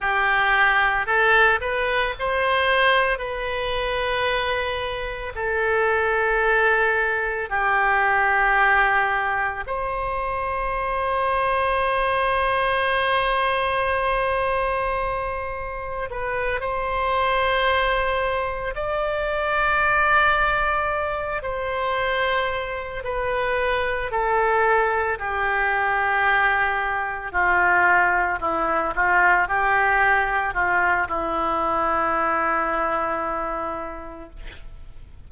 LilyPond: \new Staff \with { instrumentName = "oboe" } { \time 4/4 \tempo 4 = 56 g'4 a'8 b'8 c''4 b'4~ | b'4 a'2 g'4~ | g'4 c''2.~ | c''2. b'8 c''8~ |
c''4. d''2~ d''8 | c''4. b'4 a'4 g'8~ | g'4. f'4 e'8 f'8 g'8~ | g'8 f'8 e'2. | }